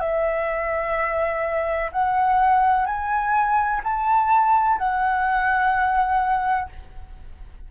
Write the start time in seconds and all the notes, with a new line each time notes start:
0.00 E5
1.92 F#5
2.85 G#5
3.84 A5
4.78 F#5